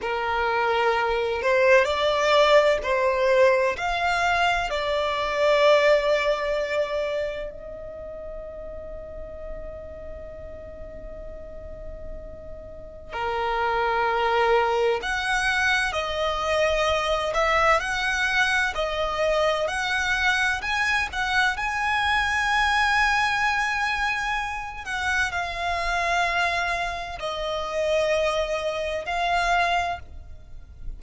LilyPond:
\new Staff \with { instrumentName = "violin" } { \time 4/4 \tempo 4 = 64 ais'4. c''8 d''4 c''4 | f''4 d''2. | dis''1~ | dis''2 ais'2 |
fis''4 dis''4. e''8 fis''4 | dis''4 fis''4 gis''8 fis''8 gis''4~ | gis''2~ gis''8 fis''8 f''4~ | f''4 dis''2 f''4 | }